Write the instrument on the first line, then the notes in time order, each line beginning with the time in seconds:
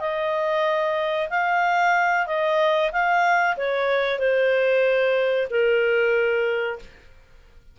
clarinet
0.00 D#5
1.30 F5
2.27 D#5
2.92 F5
3.57 C#5
4.19 C5
5.50 A#4